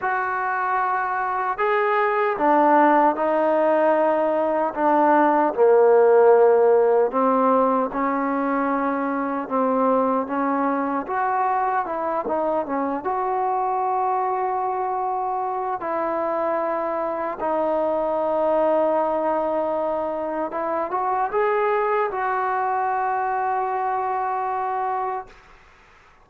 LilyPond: \new Staff \with { instrumentName = "trombone" } { \time 4/4 \tempo 4 = 76 fis'2 gis'4 d'4 | dis'2 d'4 ais4~ | ais4 c'4 cis'2 | c'4 cis'4 fis'4 e'8 dis'8 |
cis'8 fis'2.~ fis'8 | e'2 dis'2~ | dis'2 e'8 fis'8 gis'4 | fis'1 | }